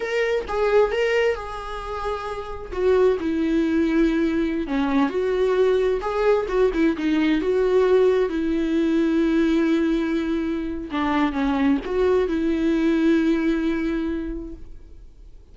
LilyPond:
\new Staff \with { instrumentName = "viola" } { \time 4/4 \tempo 4 = 132 ais'4 gis'4 ais'4 gis'4~ | gis'2 fis'4 e'4~ | e'2~ e'16 cis'4 fis'8.~ | fis'4~ fis'16 gis'4 fis'8 e'8 dis'8.~ |
dis'16 fis'2 e'4.~ e'16~ | e'1 | d'4 cis'4 fis'4 e'4~ | e'1 | }